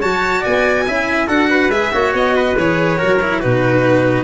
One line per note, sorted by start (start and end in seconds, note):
0.00 0.45 F#3
0.00 0.87 F#4
0.00 0.41 C#5
0.00 0.44 A5
0.41 0.88 B3
0.41 0.83 D5
0.41 1.28 G#5
0.87 1.28 C#4
0.87 1.27 E4
0.87 1.27 E5
1.27 1.69 D4
1.27 1.70 F#4
1.27 1.48 A4
1.27 1.71 F#5
1.50 1.92 B4
1.69 1.90 G#3
1.69 1.92 G#4
1.69 2.13 E5
1.92 2.14 A#3
1.92 2.56 F#4
1.92 2.36 C#5
2.14 2.56 B3
2.14 2.58 D#5
2.36 2.98 B4
2.57 2.99 E3
2.57 2.97 G#4
2.57 3.40 C#5
2.97 3.18 F#4
2.97 3.39 A#4
3.03 3.45 F#3
3.22 3.42 E4
3.39 4.24 B2
3.39 4.24 D#4
3.39 4.24 F#4
3.39 4.24 B4